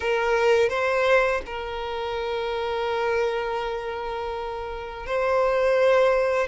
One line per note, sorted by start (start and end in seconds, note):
0.00 0.69 A#4
0.69 1.41 C5
1.46 5.06 A#4
5.06 6.47 C5